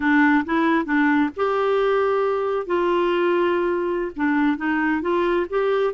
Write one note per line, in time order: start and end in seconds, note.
0.00 0.44 D4
0.45 0.85 E4
0.85 1.30 D4
1.36 2.66 G4
2.66 4.11 F4
4.16 4.57 D4
4.57 5.01 D#4
5.01 5.46 F4
5.49 5.93 G4